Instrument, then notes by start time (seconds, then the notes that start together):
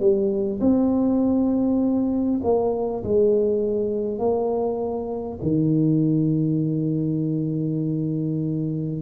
tuba
0.00 G3
0.61 C4
2.44 A#3
3.04 G#3
4.19 A#3
5.43 D#3